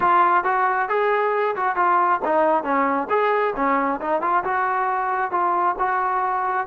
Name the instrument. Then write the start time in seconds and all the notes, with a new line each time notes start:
trombone
0.00 F4
0.44 F#4
0.88 G#4
1.56 F#4
1.76 F4
2.24 D#4
2.63 C#4
3.09 G#4
3.56 C#4
4.01 D#4
4.21 F4
4.44 F#4
5.31 F4
5.79 F#4